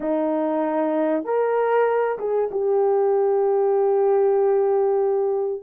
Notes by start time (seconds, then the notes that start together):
0.00 D#4
1.24 A#4
2.18 G#4
2.51 G4